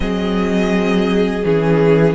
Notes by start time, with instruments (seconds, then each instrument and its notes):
0.00 cello F#3, viola C4, violin G#4 D#5
1.43 cello E3, viola C#4, violin G#4